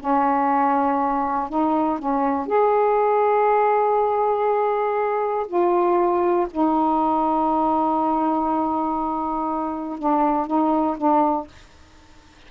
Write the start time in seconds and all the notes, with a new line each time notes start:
0.00 C#4
1.49 D#4
1.99 C#4
2.47 G#4
5.47 F4
6.51 D#4
9.99 D4
10.47 D#4
10.97 D4